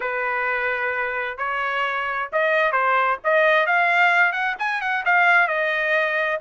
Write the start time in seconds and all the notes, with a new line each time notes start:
0.00 B4
1.37 C#5
2.32 D#5
2.72 C5
3.24 D#5
3.66 F5
4.32 F#5
4.58 G#5
4.81 F#5
5.05 F5
5.47 D#5